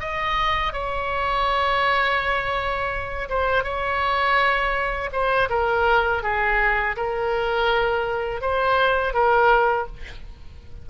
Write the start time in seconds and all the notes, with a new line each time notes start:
0.00 D#5
0.73 C#5
3.29 C5
3.64 C#5
5.12 C5
5.49 A#4
6.23 G#4
6.96 A#4
8.41 C5
9.14 A#4